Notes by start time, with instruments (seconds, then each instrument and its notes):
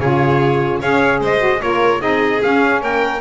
0.00 double bass C#3, saxophone F4, violin G#4, trumpet C#5
0.80 double bass C#4, saxophone G#4, violin C#5, trumpet F5
1.21 double bass G#3, violin C5, trumpet D#5
1.39 saxophone F#4
1.60 double bass A#3, saxophone F4, violin A#4, trumpet C#5
2.00 double bass C4, saxophone D#4, violin G#4, trumpet D#5
2.42 saxophone C#4, double bass C#4, trumpet F5
2.82 double bass A#3, violin A#4, trumpet G5